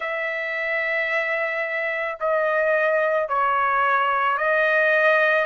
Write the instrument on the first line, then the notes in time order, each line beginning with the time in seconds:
trumpet
0.00 E5
2.20 D#5
3.28 C#5
4.37 D#5